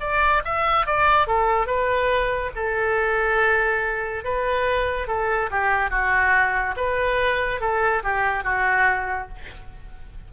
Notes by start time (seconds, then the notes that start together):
0.00 D5
0.44 E5
0.86 D5
1.26 A4
1.66 B4
2.55 A4
4.24 B4
5.07 A4
5.50 G4
5.90 F#4
6.76 B4
7.60 A4
8.03 G4
8.43 F#4